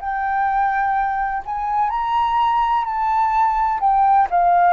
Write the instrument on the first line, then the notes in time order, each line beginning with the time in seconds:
flute
0.00 G5
1.45 G#5
1.90 A#5
2.84 A5
3.80 G5
4.30 F5